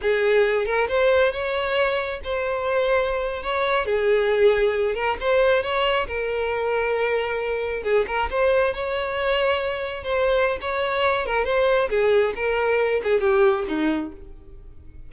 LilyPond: \new Staff \with { instrumentName = "violin" } { \time 4/4 \tempo 4 = 136 gis'4. ais'8 c''4 cis''4~ | cis''4 c''2~ c''8. cis''16~ | cis''8. gis'2~ gis'8 ais'8 c''16~ | c''8. cis''4 ais'2~ ais'16~ |
ais'4.~ ais'16 gis'8 ais'8 c''4 cis''16~ | cis''2~ cis''8. c''4~ c''16 | cis''4. ais'8 c''4 gis'4 | ais'4. gis'8 g'4 dis'4 | }